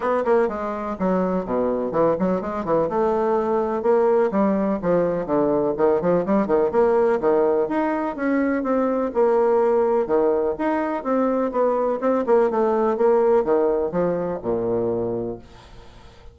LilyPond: \new Staff \with { instrumentName = "bassoon" } { \time 4/4 \tempo 4 = 125 b8 ais8 gis4 fis4 b,4 | e8 fis8 gis8 e8 a2 | ais4 g4 f4 d4 | dis8 f8 g8 dis8 ais4 dis4 |
dis'4 cis'4 c'4 ais4~ | ais4 dis4 dis'4 c'4 | b4 c'8 ais8 a4 ais4 | dis4 f4 ais,2 | }